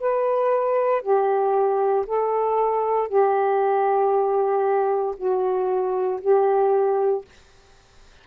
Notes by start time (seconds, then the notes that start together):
0.00 B4
1.03 G4
2.07 A4
3.08 G4
5.17 F#4
6.22 G4